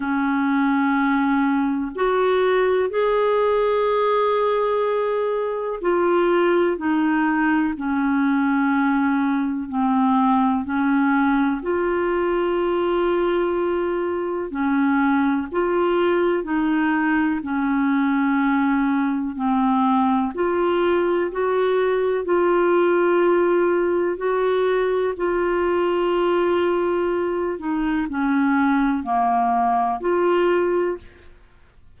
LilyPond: \new Staff \with { instrumentName = "clarinet" } { \time 4/4 \tempo 4 = 62 cis'2 fis'4 gis'4~ | gis'2 f'4 dis'4 | cis'2 c'4 cis'4 | f'2. cis'4 |
f'4 dis'4 cis'2 | c'4 f'4 fis'4 f'4~ | f'4 fis'4 f'2~ | f'8 dis'8 cis'4 ais4 f'4 | }